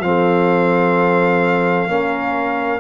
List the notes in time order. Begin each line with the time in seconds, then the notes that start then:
0.00 F3 C4 F5
0.06 A4
1.87 A#3 C#4 A#4